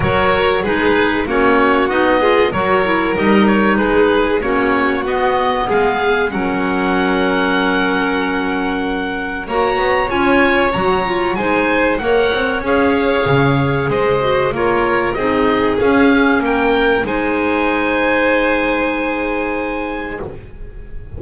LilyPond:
<<
  \new Staff \with { instrumentName = "oboe" } { \time 4/4 \tempo 4 = 95 cis''4 b'4 cis''4 dis''4 | cis''4 dis''8 cis''8 b'4 cis''4 | dis''4 f''4 fis''2~ | fis''2. ais''4 |
gis''4 ais''4 gis''4 fis''4 | f''2 dis''4 cis''4 | dis''4 f''4 g''4 gis''4~ | gis''1 | }
  \new Staff \with { instrumentName = "violin" } { \time 4/4 ais'4 gis'4 fis'4. gis'8 | ais'2 gis'4 fis'4~ | fis'4 gis'4 ais'2~ | ais'2. cis''4~ |
cis''2 c''4 cis''4~ | cis''2 c''4 ais'4 | gis'2 ais'4 c''4~ | c''1 | }
  \new Staff \with { instrumentName = "clarinet" } { \time 4/4 fis'4 dis'4 cis'4 dis'8 f'8 | fis'8 e'8 dis'2 cis'4 | b2 cis'2~ | cis'2. fis'4 |
f'4 fis'8 f'8 dis'4 ais'4 | gis'2~ gis'8 fis'8 f'4 | dis'4 cis'2 dis'4~ | dis'1 | }
  \new Staff \with { instrumentName = "double bass" } { \time 4/4 fis4 gis4 ais4 b4 | fis4 g4 gis4 ais4 | b4 gis4 fis2~ | fis2. ais8 b8 |
cis'4 fis4 gis4 ais8 c'8 | cis'4 cis4 gis4 ais4 | c'4 cis'4 ais4 gis4~ | gis1 | }
>>